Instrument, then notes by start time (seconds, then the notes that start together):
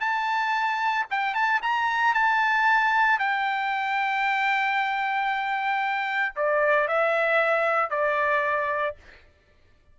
trumpet
0.00 A5
1.11 G5
1.34 A5
1.62 A#5
2.14 A5
3.19 G5
6.36 D5
6.88 E5
7.90 D5